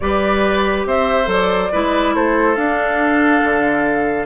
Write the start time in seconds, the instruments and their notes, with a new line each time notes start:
0.00 bassoon G3, clarinet G4, oboe B4, flute D5
0.85 bassoon C4, oboe C5, flute E5
1.25 bassoon F#3, clarinet A4, flute D5
1.72 bassoon G#3, clarinet E4, oboe B4
2.14 bassoon A3, oboe A4, flute C5
2.55 clarinet D4, bassoon D4, flute F5
3.43 bassoon D3